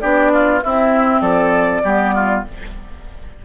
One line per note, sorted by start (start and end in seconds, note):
0.00 0.63 B3
0.00 0.61 D4
0.00 0.32 G4
0.00 0.61 D5
0.33 0.64 F4
0.63 1.84 C4
0.63 1.21 C4
0.63 1.21 E4
0.63 1.21 E5
1.21 1.82 F3
1.21 1.82 A4
1.21 2.42 D5
1.83 2.44 G3
1.83 2.45 B3
1.83 2.14 G4
2.14 2.45 F4